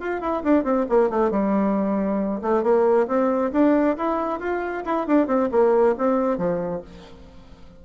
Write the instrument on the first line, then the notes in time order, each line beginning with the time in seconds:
bassoon
0.00 F4
0.21 E4
0.44 D4
0.64 C4
0.89 A#3
1.10 A3
1.31 G3
2.42 A3
2.63 A#3
3.08 C4
3.53 D4
3.97 E4
4.40 F4
4.85 E4
5.07 D4
5.27 C4
5.51 A#3
5.98 C4
6.38 F3